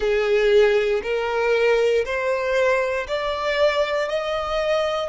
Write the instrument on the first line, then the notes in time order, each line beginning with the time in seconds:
violin
0.00 G#4
1.03 A#4
2.05 C5
3.07 D5
4.08 D#5